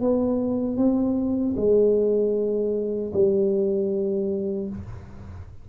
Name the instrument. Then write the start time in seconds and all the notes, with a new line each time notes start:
tuba
0.00 B3
0.77 C4
1.56 G#3
3.13 G3